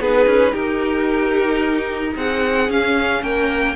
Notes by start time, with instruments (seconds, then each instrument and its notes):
0.00 cello B3, viola D#4, violin G#4 B4
0.26 cello C#4
0.52 cello D#4, violin G4 A#4
2.15 cello C4, violin G#4 F#5
2.68 viola C#4, cello C#4, violin F5
3.23 cello A#3, violin A#4 G5